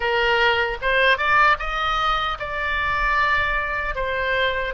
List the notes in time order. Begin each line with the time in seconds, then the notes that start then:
0.00 A#4
0.81 C5
1.17 D5
1.59 D#5
2.39 D5
3.95 C5